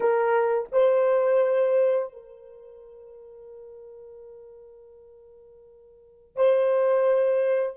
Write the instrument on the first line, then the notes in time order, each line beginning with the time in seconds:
horn
0.00 A#4
0.72 C5
2.12 A#4
6.36 C5